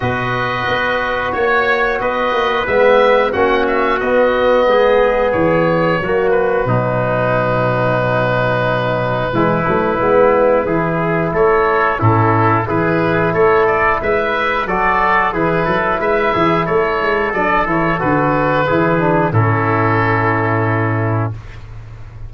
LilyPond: <<
  \new Staff \with { instrumentName = "oboe" } { \time 4/4 \tempo 4 = 90 dis''2 cis''4 dis''4 | e''4 fis''8 e''8 dis''2 | cis''4. b'2~ b'8~ | b'1~ |
b'4 cis''4 a'4 b'4 | cis''8 d''8 e''4 d''4 b'4 | e''4 cis''4 d''8 cis''8 b'4~ | b'4 a'2. | }
  \new Staff \with { instrumentName = "trumpet" } { \time 4/4 b'2 cis''4 b'4~ | b'4 fis'2 gis'4~ | gis'4 fis'4 dis'2~ | dis'2 e'2 |
gis'4 a'4 e'4 gis'4 | a'4 b'4 a'4 gis'8 a'8 | b'8 gis'8 a'2. | gis'4 e'2. | }
  \new Staff \with { instrumentName = "trombone" } { \time 4/4 fis'1 | b4 cis'4 b2~ | b4 ais4 fis2~ | fis2 gis8 a8 b4 |
e'2 cis'4 e'4~ | e'2 fis'4 e'4~ | e'2 d'8 e'8 fis'4 | e'8 d'8 cis'2. | }
  \new Staff \with { instrumentName = "tuba" } { \time 4/4 b,4 b4 ais4 b8 ais8 | gis4 ais4 b4 gis4 | e4 fis4 b,2~ | b,2 e8 fis8 gis4 |
e4 a4 a,4 e4 | a4 gis4 fis4 e8 fis8 | gis8 e8 a8 gis8 fis8 e8 d4 | e4 a,2. | }
>>